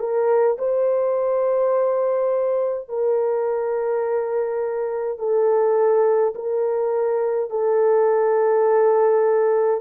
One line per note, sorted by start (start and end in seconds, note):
0.00 0.58 A#4
0.59 2.89 C5
2.89 5.19 A#4
5.19 6.34 A4
6.36 7.51 A#4
7.51 9.81 A4